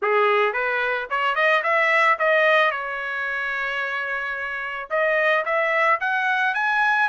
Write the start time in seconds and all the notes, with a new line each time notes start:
0.01 G#4
0.53 B4
1.09 C#5
1.35 D#5
1.63 E5
2.18 D#5
2.71 C#5
4.90 D#5
5.45 E5
6.00 F#5
6.54 G#5